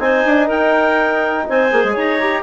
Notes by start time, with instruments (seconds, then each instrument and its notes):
0.00 bassoon C4, trombone D#4, clarinet C5 G#5
0.26 bassoon D4
0.47 bassoon D#4, clarinet A#4 G5
1.49 bassoon C4, clarinet C5 G#5
1.71 bassoon A#3, trombone G#4
1.84 bassoon G#3
1.93 bassoon D#4, clarinet C#5 A#5
2.21 trombone G4